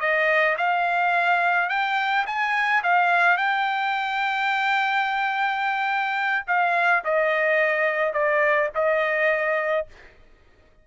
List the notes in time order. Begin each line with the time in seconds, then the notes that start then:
0.00 D#5
0.58 F5
1.69 G5
2.26 G#5
2.83 F5
3.37 G5
6.47 F5
7.04 D#5
8.13 D5
8.75 D#5